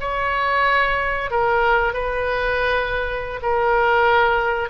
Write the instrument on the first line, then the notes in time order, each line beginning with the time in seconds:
oboe
0.00 C#5
1.30 A#4
1.93 B4
3.42 A#4